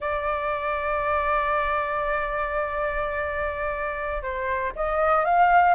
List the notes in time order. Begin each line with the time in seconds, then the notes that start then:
0.00 D5
4.22 C5
4.75 D#5
5.25 F5